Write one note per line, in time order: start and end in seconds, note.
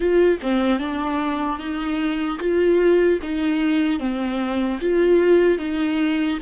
0.00 0.39 F4
0.42 0.79 C4
0.79 1.58 D4
1.58 2.38 D#4
2.39 3.19 F4
3.22 3.99 D#4
3.99 4.79 C4
4.80 5.58 F4
5.58 6.38 D#4